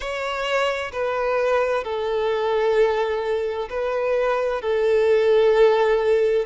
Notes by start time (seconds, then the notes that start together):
0.00 C#5
0.92 B4
1.84 A4
3.69 B4
4.61 A4